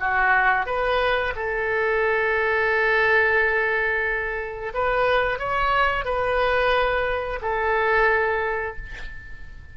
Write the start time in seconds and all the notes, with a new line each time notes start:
0.00 F#4
0.66 B4
1.35 A4
4.74 B4
5.38 C#5
6.04 B4
7.42 A4